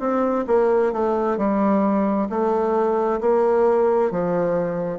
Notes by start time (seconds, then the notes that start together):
0.00 C4
0.47 A#3
0.93 A3
1.38 G3
2.30 A3
3.21 A#3
4.11 F3